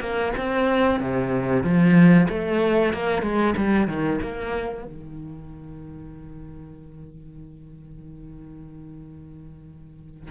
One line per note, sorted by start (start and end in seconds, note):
0.00 0.32 A#3
0.37 0.99 C4
0.99 1.63 C3
1.63 2.28 F3
2.29 2.93 A3
2.93 3.22 A#3
3.22 3.54 G#3
3.57 3.87 G3
3.87 4.20 D#3
4.21 4.85 A#3
4.85 10.31 D#3